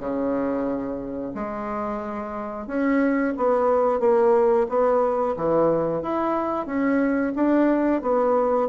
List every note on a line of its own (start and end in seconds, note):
0.00 1.33 C#3
1.35 2.67 G#3
2.67 3.34 C#4
3.37 4.00 B3
4.00 4.67 A#3
4.69 5.36 B3
5.37 6.02 E3
6.02 6.67 E4
6.67 7.33 C#4
7.36 8.02 D4
8.02 8.69 B3